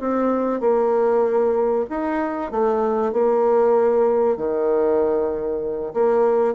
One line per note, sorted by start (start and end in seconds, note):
0.00 0.60 C4
0.60 1.85 A#3
1.89 2.51 D#4
2.51 3.12 A3
3.12 4.37 A#3
4.37 5.93 D#3
5.94 6.54 A#3